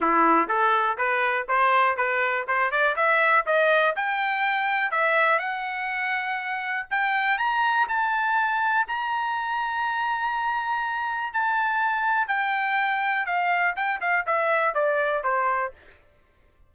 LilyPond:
\new Staff \with { instrumentName = "trumpet" } { \time 4/4 \tempo 4 = 122 e'4 a'4 b'4 c''4 | b'4 c''8 d''8 e''4 dis''4 | g''2 e''4 fis''4~ | fis''2 g''4 ais''4 |
a''2 ais''2~ | ais''2. a''4~ | a''4 g''2 f''4 | g''8 f''8 e''4 d''4 c''4 | }